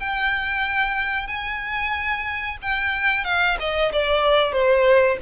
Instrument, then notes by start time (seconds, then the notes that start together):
violin
0.00 G5
1.27 G#5
2.62 G5
3.25 F5
3.60 D#5
3.93 D5
4.53 C5